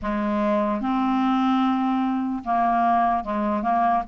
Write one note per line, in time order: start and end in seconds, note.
0.01 0.80 G#3
0.80 2.43 C4
2.44 3.24 A#3
3.24 3.62 G#3
3.62 4.03 A#3